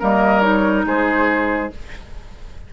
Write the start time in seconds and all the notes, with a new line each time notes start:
0.00 G3 A#3 A#4 D#5
0.41 D#4 C#5
0.86 G#3 G#4 C5